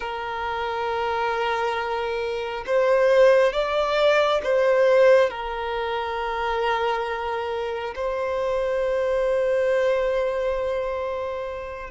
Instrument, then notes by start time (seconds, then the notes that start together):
violin
0.00 A#4
2.66 C5
3.53 D5
4.44 C5
5.29 A#4
7.95 C5